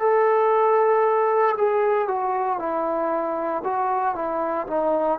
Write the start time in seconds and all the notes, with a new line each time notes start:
0.00 A4
1.58 G#4
2.08 F#4
2.60 E4
3.64 F#4
4.15 E4
4.67 D#4